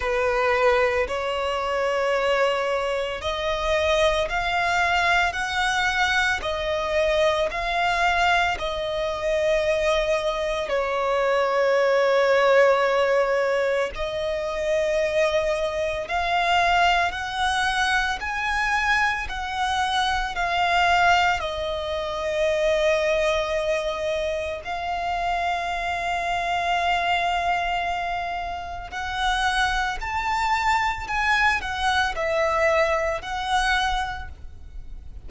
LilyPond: \new Staff \with { instrumentName = "violin" } { \time 4/4 \tempo 4 = 56 b'4 cis''2 dis''4 | f''4 fis''4 dis''4 f''4 | dis''2 cis''2~ | cis''4 dis''2 f''4 |
fis''4 gis''4 fis''4 f''4 | dis''2. f''4~ | f''2. fis''4 | a''4 gis''8 fis''8 e''4 fis''4 | }